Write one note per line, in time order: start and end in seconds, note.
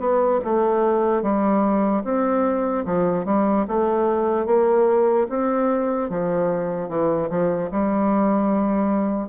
0.00 0.41 B3
0.45 1.23 A3
1.23 2.04 G3
2.04 2.85 C4
2.86 3.26 F3
3.26 3.66 G3
3.68 4.47 A3
4.47 5.28 A#3
5.30 6.10 C4
6.10 6.89 F3
6.89 7.30 E3
7.30 7.71 F3
7.71 9.29 G3